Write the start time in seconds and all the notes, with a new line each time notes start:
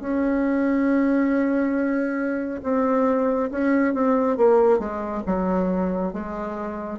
0.00 C#4
2.63 C4
3.51 C#4
3.93 C4
4.37 A#3
4.79 G#3
5.26 F#3
6.13 G#3